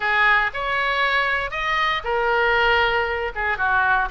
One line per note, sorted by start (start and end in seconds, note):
0.00 0.51 G#4
0.53 1.51 C#5
1.51 2.02 D#5
2.03 3.32 A#4
3.34 3.57 G#4
3.57 4.08 F#4